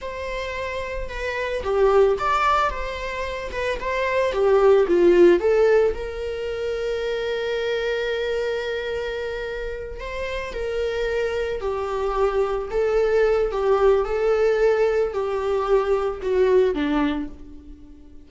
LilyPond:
\new Staff \with { instrumentName = "viola" } { \time 4/4 \tempo 4 = 111 c''2 b'4 g'4 | d''4 c''4. b'8 c''4 | g'4 f'4 a'4 ais'4~ | ais'1~ |
ais'2~ ais'8 c''4 ais'8~ | ais'4. g'2 a'8~ | a'4 g'4 a'2 | g'2 fis'4 d'4 | }